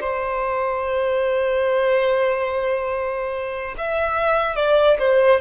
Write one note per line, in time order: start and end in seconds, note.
0.00 3.75 C5
3.77 4.55 E5
4.55 4.97 D5
4.98 5.40 C5